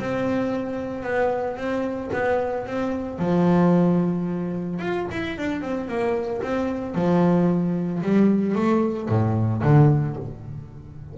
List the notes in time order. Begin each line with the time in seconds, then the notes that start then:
0.00 C4
1.04 B3
1.57 C4
2.13 B3
2.67 C4
3.19 F3
4.80 F4
5.12 E4
5.38 D4
5.62 C4
5.88 A#3
6.43 C4
6.95 F3
8.03 G3
8.56 A3
9.09 A2
9.63 D3